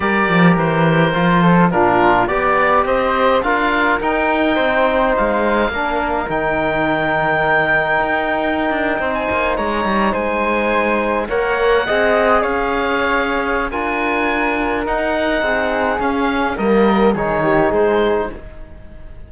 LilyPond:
<<
  \new Staff \with { instrumentName = "oboe" } { \time 4/4 \tempo 4 = 105 d''4 c''2 ais'4 | d''4 dis''4 f''4 g''4~ | g''4 f''2 g''4~ | g''1 |
gis''8. ais''4 gis''2 fis''16~ | fis''4.~ fis''16 f''2~ f''16 | gis''2 fis''2 | f''4 dis''4 cis''4 c''4 | }
  \new Staff \with { instrumentName = "flute" } { \time 4/4 ais'2~ ais'8 a'8 f'4 | d''4 c''4 ais'2 | c''2 ais'2~ | ais'2.~ ais'8. c''16~ |
c''8. cis''4 c''2 cis''16~ | cis''8. dis''4 cis''2~ cis''16 | ais'2. gis'4~ | gis'4 ais'4 gis'8 g'8 gis'4 | }
  \new Staff \with { instrumentName = "trombone" } { \time 4/4 g'2 f'4 d'4 | g'2 f'4 dis'4~ | dis'2 d'4 dis'4~ | dis'1~ |
dis'2.~ dis'8. ais'16~ | ais'8. gis'2.~ gis'16 | f'2 dis'2 | cis'4 ais4 dis'2 | }
  \new Staff \with { instrumentName = "cello" } { \time 4/4 g8 f8 e4 f4 ais,4 | b4 c'4 d'4 dis'4 | c'4 gis4 ais4 dis4~ | dis2 dis'4~ dis'16 d'8 c'16~ |
c'16 ais8 gis8 g8 gis2 ais16~ | ais8. c'4 cis'2~ cis'16 | d'2 dis'4 c'4 | cis'4 g4 dis4 gis4 | }
>>